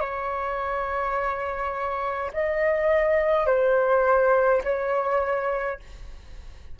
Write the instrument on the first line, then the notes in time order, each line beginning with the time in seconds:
flute
0.00 C#5
2.33 D#5
3.46 C5
4.64 C#5